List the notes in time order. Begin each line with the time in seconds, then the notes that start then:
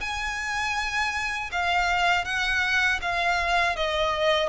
0.00 G#5
1.51 F5
2.25 F#5
3.01 F5
3.76 D#5